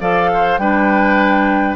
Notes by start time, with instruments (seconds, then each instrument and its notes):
0.00 bassoon F3, clarinet A4, oboe D5, flute F5
0.33 oboe C5
0.58 bassoon G3, clarinet D4, oboe B4, flute G5